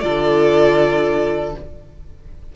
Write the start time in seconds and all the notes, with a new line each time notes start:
0.00 D3 F4 A4 D5